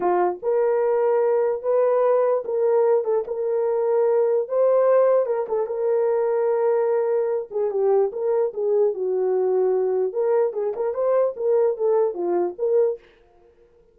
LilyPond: \new Staff \with { instrumentName = "horn" } { \time 4/4 \tempo 4 = 148 f'4 ais'2. | b'2 ais'4. a'8 | ais'2. c''4~ | c''4 ais'8 a'8 ais'2~ |
ais'2~ ais'8 gis'8 g'4 | ais'4 gis'4 fis'2~ | fis'4 ais'4 gis'8 ais'8 c''4 | ais'4 a'4 f'4 ais'4 | }